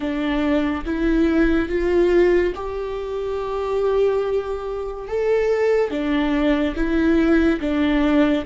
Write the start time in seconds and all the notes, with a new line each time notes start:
0.00 D4
0.85 E4
1.69 F4
2.55 G4
5.07 A4
5.90 D4
6.75 E4
7.60 D4